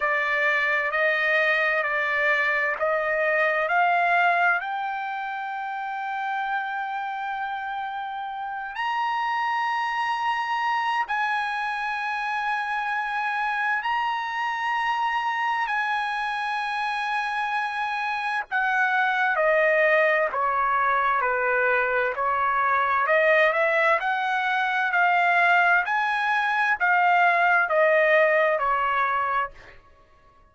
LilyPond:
\new Staff \with { instrumentName = "trumpet" } { \time 4/4 \tempo 4 = 65 d''4 dis''4 d''4 dis''4 | f''4 g''2.~ | g''4. ais''2~ ais''8 | gis''2. ais''4~ |
ais''4 gis''2. | fis''4 dis''4 cis''4 b'4 | cis''4 dis''8 e''8 fis''4 f''4 | gis''4 f''4 dis''4 cis''4 | }